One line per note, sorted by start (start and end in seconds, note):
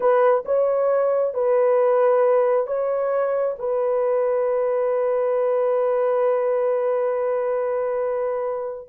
0.00 0.44 B4
0.45 1.34 C#5
1.34 2.66 B4
2.66 3.55 C#5
3.59 8.88 B4